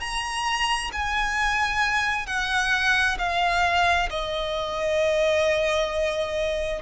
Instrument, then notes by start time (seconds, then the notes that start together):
violin
0.00 A#5
0.92 G#5
2.26 F#5
3.18 F5
4.10 D#5